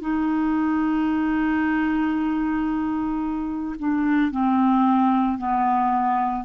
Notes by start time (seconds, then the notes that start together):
0.00 D#4
3.78 D4
4.31 C4
5.38 B3